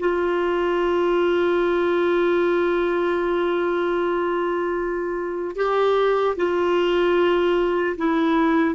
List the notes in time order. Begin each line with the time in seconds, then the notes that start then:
0.00 F4
5.56 G4
6.37 F4
7.98 E4